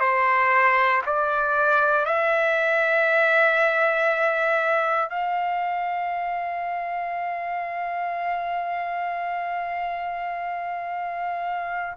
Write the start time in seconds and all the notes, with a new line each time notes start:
0.00 C5
1.06 D5
2.06 E5
5.10 F5